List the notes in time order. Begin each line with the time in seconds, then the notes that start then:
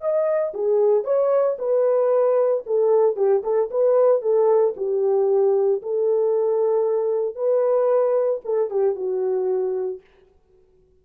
0.00 D#5
0.53 G#4
1.04 C#5
1.58 B4
2.66 A4
3.16 G4
3.43 A4
3.70 B4
4.21 A4
4.76 G4
5.82 A4
7.35 B4
8.44 A4
8.70 G4
8.95 F#4